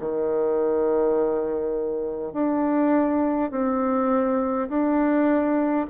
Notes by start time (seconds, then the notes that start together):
0.00 D#3
2.34 D4
3.51 C4
4.70 D4